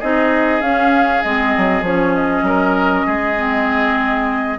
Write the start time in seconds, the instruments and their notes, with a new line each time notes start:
0.00 bassoon C4, clarinet D#4, oboe G#4, flute D#5
0.61 bassoon C#4, clarinet C#4, flute F5
1.23 bassoon G#3, clarinet C4, flute D#5
1.57 bassoon F#3
1.82 bassoon F3, clarinet C#4, flute C#5
2.15 flute D#5
2.42 bassoon F#3, oboe A#4
3.06 bassoon G#3, oboe G#4
3.37 clarinet C4